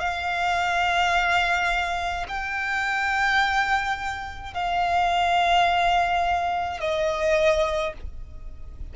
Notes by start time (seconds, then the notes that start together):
0.00 F5
2.28 G5
4.54 F5
6.80 D#5